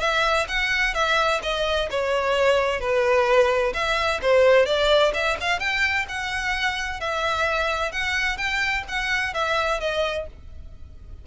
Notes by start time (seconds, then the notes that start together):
0.00 E5
0.48 F#5
0.94 E5
1.42 D#5
1.90 C#5
2.80 B4
3.74 E5
4.21 C5
4.66 D5
5.14 E5
5.40 F5
5.59 G5
6.08 F#5
7.00 E5
7.92 F#5
8.37 G5
8.88 F#5
9.34 E5
9.80 D#5